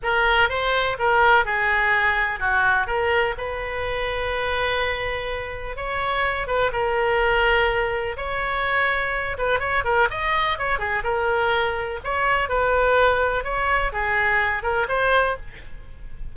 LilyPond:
\new Staff \with { instrumentName = "oboe" } { \time 4/4 \tempo 4 = 125 ais'4 c''4 ais'4 gis'4~ | gis'4 fis'4 ais'4 b'4~ | b'1 | cis''4. b'8 ais'2~ |
ais'4 cis''2~ cis''8 b'8 | cis''8 ais'8 dis''4 cis''8 gis'8 ais'4~ | ais'4 cis''4 b'2 | cis''4 gis'4. ais'8 c''4 | }